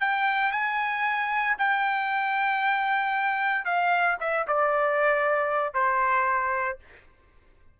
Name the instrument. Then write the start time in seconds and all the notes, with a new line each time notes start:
trumpet
0.00 G5
0.51 G#5
1.58 G5
3.65 F5
4.20 E5
4.47 D5
5.73 C5